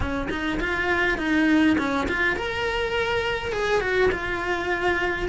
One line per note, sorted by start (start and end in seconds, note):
0.00 0.28 C#4
0.29 0.59 D#4
0.60 1.18 F4
1.18 1.76 D#4
1.78 2.07 C#4
2.08 2.36 F4
2.36 3.52 A#4
3.52 3.80 G#4
3.80 4.10 F#4
4.11 5.29 F4